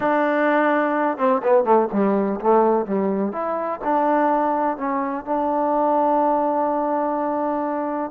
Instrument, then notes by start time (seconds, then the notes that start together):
trombone
0.00 D4
1.17 C4
1.43 B3
1.64 A3
1.92 G3
2.40 A3
2.85 G3
3.32 E4
3.84 D4
4.77 C#4
5.25 D4